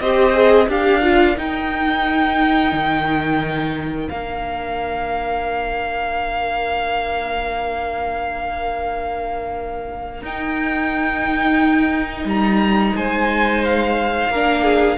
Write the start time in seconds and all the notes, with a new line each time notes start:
0.00 C4 G4 C5 D#5
0.33 G#4
0.67 D4 G4 A#4 F5
1.02 F4
1.37 D#4 G5
2.72 D#3
4.08 A#3 D4 F5
10.22 D#4 G5
12.24 G3 A#5
12.96 G#3 C5 G#5
13.64 F5
14.29 A#3 D4 A#4
14.64 G#4